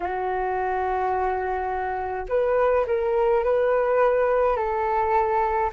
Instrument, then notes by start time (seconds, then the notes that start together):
flute
0.00 F#4
2.29 B4
2.86 A#4
3.43 B4
4.56 A4